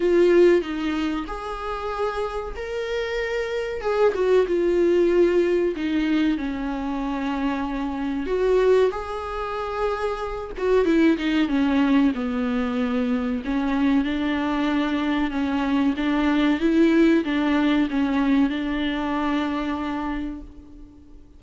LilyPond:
\new Staff \with { instrumentName = "viola" } { \time 4/4 \tempo 4 = 94 f'4 dis'4 gis'2 | ais'2 gis'8 fis'8 f'4~ | f'4 dis'4 cis'2~ | cis'4 fis'4 gis'2~ |
gis'8 fis'8 e'8 dis'8 cis'4 b4~ | b4 cis'4 d'2 | cis'4 d'4 e'4 d'4 | cis'4 d'2. | }